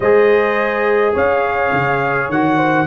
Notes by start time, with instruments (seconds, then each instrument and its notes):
0.00 tuba G#3, trombone G#4, horn C5, trumpet D#5
1.13 tuba C#4, horn C#5, trumpet F5
1.72 tuba C#3
2.29 tuba D#3, trombone F#4, trumpet F#5
2.57 horn C5